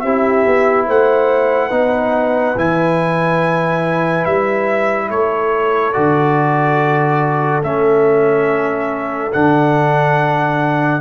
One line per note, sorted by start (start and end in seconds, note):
0.00 0.45 C4
0.00 0.87 G4
0.00 0.85 E5
0.07 1.71 E4
0.46 0.88 B3
0.87 1.71 A3
0.87 1.68 C5
0.87 2.59 F#5
1.68 2.56 B3
1.68 2.55 D#4
1.68 5.07 B4
2.57 4.26 E3
2.57 5.94 E4
2.57 4.26 G#5
4.26 5.10 G3
4.26 5.10 E5
5.10 5.95 A3
5.10 11.01 A4
5.10 5.93 C#5
5.93 7.64 D3
5.93 7.63 F#4
5.93 7.62 D5
7.63 9.33 A3
7.63 9.32 C#4
7.63 9.33 E5
9.33 11.01 D3
9.33 11.01 D4
9.33 11.01 F#5